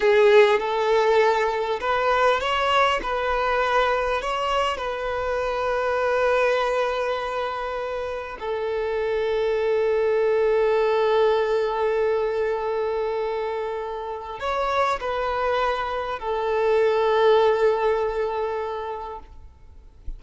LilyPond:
\new Staff \with { instrumentName = "violin" } { \time 4/4 \tempo 4 = 100 gis'4 a'2 b'4 | cis''4 b'2 cis''4 | b'1~ | b'2 a'2~ |
a'1~ | a'1 | cis''4 b'2 a'4~ | a'1 | }